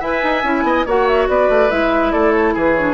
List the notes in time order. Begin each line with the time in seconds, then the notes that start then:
0.00 E4 B4 E5 G#5
0.24 D#4
0.44 C#4 E4
0.64 B3 D#5
0.86 A#3 F#4 C#5 F#5
1.08 E5
1.29 B3 B4 D5
1.50 A3
1.70 G#3 E4 E5
2.12 A3 A4 D5
2.32 C#5
2.54 E3 G#4 B4
2.75 D4 C#5